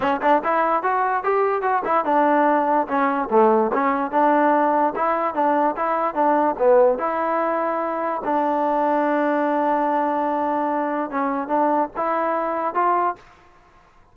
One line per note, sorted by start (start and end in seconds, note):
0.00 0.20 C#4
0.21 0.42 D4
0.44 0.83 E4
0.83 1.23 F#4
1.23 1.62 G4
1.62 1.82 F#4
1.84 2.05 E4
2.05 2.87 D4
2.87 3.28 C#4
3.30 3.71 A3
3.73 4.11 C#4
4.11 4.93 D4
4.95 5.34 E4
5.34 5.75 D4
5.76 6.14 E4
6.14 6.55 D4
6.58 6.98 B3
6.98 8.21 E4
8.24 11.10 D4
11.10 11.47 C#4
11.47 11.88 D4
11.96 12.74 E4
12.74 13.15 F4